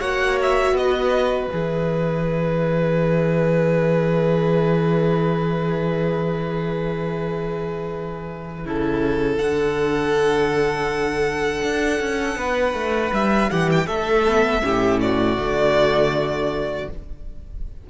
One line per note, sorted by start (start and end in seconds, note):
0.00 0.73 A#3
0.00 1.50 F#4
0.00 0.75 C#5
0.00 0.38 F#5
0.42 0.77 E5
0.73 1.48 B3
0.73 1.51 D#5
0.80 8.67 B4
1.51 8.66 E3
1.51 8.64 G#4
1.51 9.38 E5
8.65 9.39 C#3
8.65 9.40 E4
8.65 12.39 A4
9.38 11.62 D3
9.38 14.27 D4
9.38 13.13 F#5
11.62 12.00 D4
12.00 12.36 C#4
12.36 12.74 B3
12.36 13.51 B4
12.74 13.11 A3
13.13 13.50 G3
13.13 13.51 E5
13.51 13.87 E3
13.51 13.88 G4
13.51 13.70 F#5
13.72 13.87 G5
13.87 14.62 A3
13.87 14.62 A4
13.87 15.00 E5
14.27 14.63 B3
14.63 15.38 A2
14.63 15.37 C#4
14.63 15.02 G4
15.01 16.90 F#4
15.01 16.89 D5
15.37 16.88 D3
15.37 16.87 A3